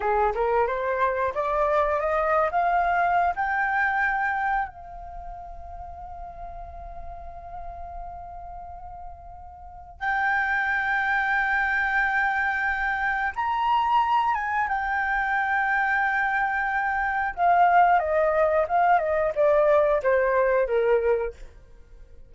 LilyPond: \new Staff \with { instrumentName = "flute" } { \time 4/4 \tempo 4 = 90 gis'8 ais'8 c''4 d''4 dis''8. f''16~ | f''4 g''2 f''4~ | f''1~ | f''2. g''4~ |
g''1 | ais''4. gis''8 g''2~ | g''2 f''4 dis''4 | f''8 dis''8 d''4 c''4 ais'4 | }